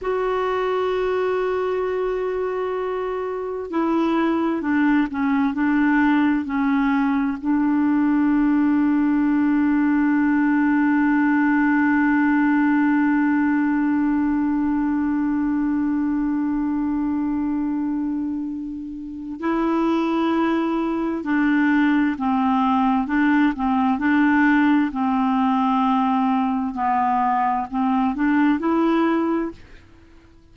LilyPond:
\new Staff \with { instrumentName = "clarinet" } { \time 4/4 \tempo 4 = 65 fis'1 | e'4 d'8 cis'8 d'4 cis'4 | d'1~ | d'1~ |
d'1~ | d'4 e'2 d'4 | c'4 d'8 c'8 d'4 c'4~ | c'4 b4 c'8 d'8 e'4 | }